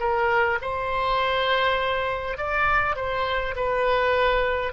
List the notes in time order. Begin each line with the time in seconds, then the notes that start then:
0.00 A#4
0.61 C5
2.37 D5
2.96 C5
3.56 B4